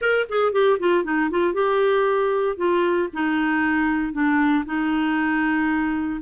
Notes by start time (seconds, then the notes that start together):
0.01 A#4
0.29 G#4
0.52 G4
0.79 F4
1.03 D#4
1.30 F4
1.53 G4
2.57 F4
3.13 D#4
4.12 D4
4.65 D#4